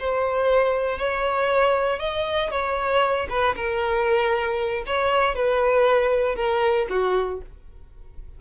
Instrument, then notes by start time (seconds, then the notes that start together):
violin
0.00 C5
0.99 C#5
2.00 D#5
2.51 C#5
3.30 B4
3.56 A#4
4.87 C#5
5.36 B4
6.36 A#4
6.90 F#4